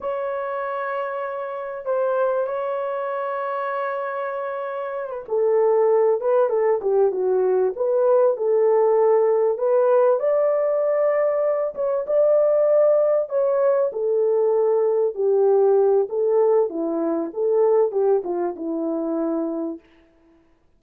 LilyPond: \new Staff \with { instrumentName = "horn" } { \time 4/4 \tempo 4 = 97 cis''2. c''4 | cis''1~ | cis''16 b'16 a'4. b'8 a'8 g'8 fis'8~ | fis'8 b'4 a'2 b'8~ |
b'8 d''2~ d''8 cis''8 d''8~ | d''4. cis''4 a'4.~ | a'8 g'4. a'4 e'4 | a'4 g'8 f'8 e'2 | }